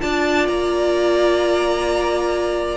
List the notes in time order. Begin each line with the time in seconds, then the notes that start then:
0.00 D4 F4 D5 A5
0.47 A#3 A#5